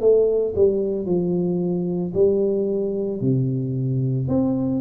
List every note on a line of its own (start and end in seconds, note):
0.00 0.54 A3
0.56 1.05 G3
1.05 2.12 F3
2.14 3.21 G3
3.21 4.28 C3
4.28 4.81 C4